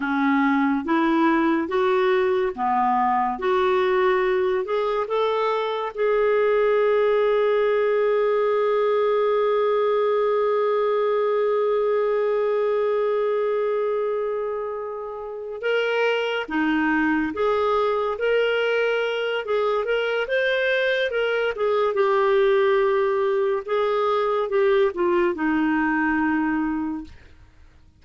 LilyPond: \new Staff \with { instrumentName = "clarinet" } { \time 4/4 \tempo 4 = 71 cis'4 e'4 fis'4 b4 | fis'4. gis'8 a'4 gis'4~ | gis'1~ | gis'1~ |
gis'2~ gis'8 ais'4 dis'8~ | dis'8 gis'4 ais'4. gis'8 ais'8 | c''4 ais'8 gis'8 g'2 | gis'4 g'8 f'8 dis'2 | }